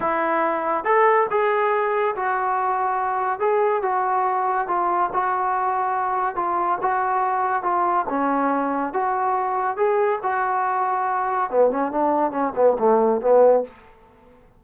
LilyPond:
\new Staff \with { instrumentName = "trombone" } { \time 4/4 \tempo 4 = 141 e'2 a'4 gis'4~ | gis'4 fis'2. | gis'4 fis'2 f'4 | fis'2. f'4 |
fis'2 f'4 cis'4~ | cis'4 fis'2 gis'4 | fis'2. b8 cis'8 | d'4 cis'8 b8 a4 b4 | }